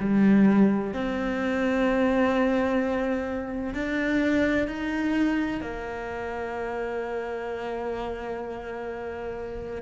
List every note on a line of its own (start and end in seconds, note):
0.00 0.93 G3
0.93 3.74 C4
3.74 4.67 D4
4.67 5.61 D#4
5.61 9.82 A#3